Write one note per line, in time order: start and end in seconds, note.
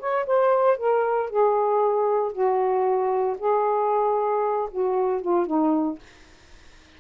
0.00 0.26 C#5
0.27 0.78 C5
0.78 1.30 A#4
1.30 2.33 G#4
2.33 3.37 F#4
3.39 4.70 G#4
4.71 5.22 F#4
5.22 5.47 F4
5.47 5.99 D#4